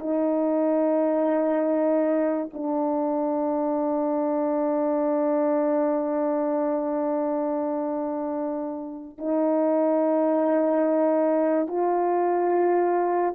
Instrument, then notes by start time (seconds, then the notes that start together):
horn
0.00 D#4
2.54 D4
9.19 D#4
11.68 F4